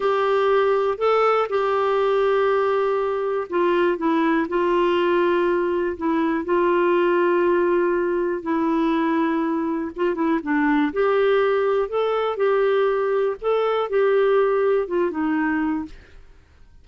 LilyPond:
\new Staff \with { instrumentName = "clarinet" } { \time 4/4 \tempo 4 = 121 g'2 a'4 g'4~ | g'2. f'4 | e'4 f'2. | e'4 f'2.~ |
f'4 e'2. | f'8 e'8 d'4 g'2 | a'4 g'2 a'4 | g'2 f'8 dis'4. | }